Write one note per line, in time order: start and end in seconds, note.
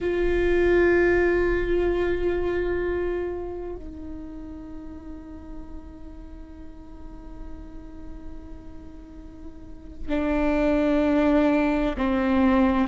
0.00 3.75 F4
3.75 10.08 D#4
10.08 11.96 D4
11.97 12.87 C4